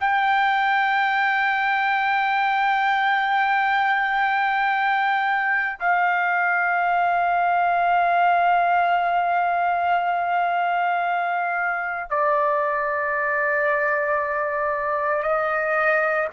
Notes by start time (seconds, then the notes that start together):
0.00 G5
5.80 F5
12.11 D5
15.23 D#5